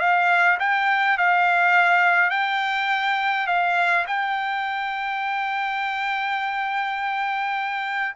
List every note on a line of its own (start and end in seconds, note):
0.00 0.58 F5
0.60 1.18 G5
1.18 2.31 F5
2.31 3.47 G5
3.47 4.06 F5
4.08 8.15 G5